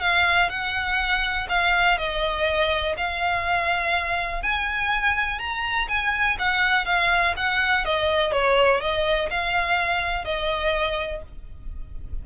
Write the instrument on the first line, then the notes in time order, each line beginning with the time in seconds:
violin
0.00 F5
0.49 F#5
1.49 F5
1.98 D#5
2.96 F5
4.42 G#5
5.39 A#5
5.88 G#5
6.39 F#5
6.85 F5
7.36 F#5
7.84 D#5
8.32 C#5
8.80 D#5
9.30 F5
10.24 D#5